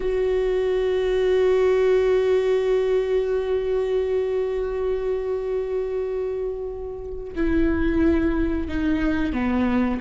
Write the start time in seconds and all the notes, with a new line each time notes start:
0.00 F#4
7.35 E4
8.68 D#4
9.32 B3